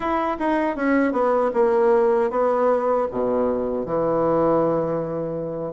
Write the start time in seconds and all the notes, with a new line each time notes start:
0.00 E4
0.39 D#4
0.76 C#4
1.12 B3
1.53 A#3
2.30 B3
3.11 B2
3.85 E3